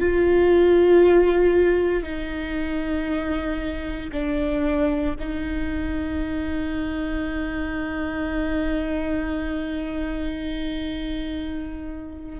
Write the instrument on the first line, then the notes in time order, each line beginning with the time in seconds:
viola
0.00 F4
2.03 D#4
4.12 D4
5.20 D#4